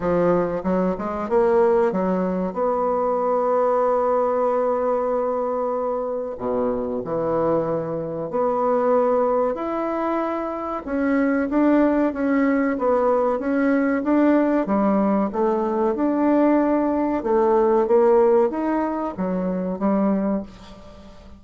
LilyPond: \new Staff \with { instrumentName = "bassoon" } { \time 4/4 \tempo 4 = 94 f4 fis8 gis8 ais4 fis4 | b1~ | b2 b,4 e4~ | e4 b2 e'4~ |
e'4 cis'4 d'4 cis'4 | b4 cis'4 d'4 g4 | a4 d'2 a4 | ais4 dis'4 fis4 g4 | }